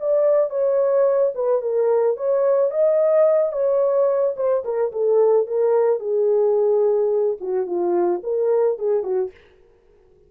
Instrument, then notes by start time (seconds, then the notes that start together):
horn
0.00 D5
0.50 C#5
1.35 B4
1.62 A#4
2.17 C#5
2.71 D#5
3.53 C#5
4.37 C5
4.65 A#4
4.92 A4
5.47 A#4
6.00 G#4
7.41 F#4
7.67 F4
8.24 A#4
8.79 G#4
9.04 F#4